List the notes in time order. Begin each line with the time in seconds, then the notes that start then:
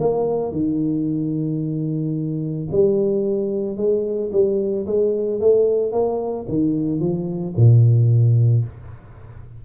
0.00 A#3
0.52 D#3
2.71 G3
3.77 G#3
4.32 G3
4.86 G#3
5.40 A3
5.92 A#3
6.48 D#3
7.00 F3
7.57 A#2